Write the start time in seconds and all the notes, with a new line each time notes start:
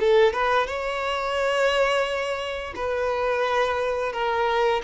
0.00 A4
0.33 B4
0.67 C#5
2.76 B4
4.13 A#4